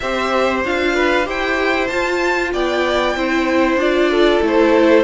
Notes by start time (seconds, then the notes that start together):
0.00 C4 G4 C5 E5
0.64 D4 F4 F5
0.95 B4
1.24 E4 G4 C5 G5
1.87 F4 A5
2.53 B3 D5 G5
3.15 C4 E4 C5
3.76 D4 F4 D5
4.10 A4
4.41 A3 E4 C5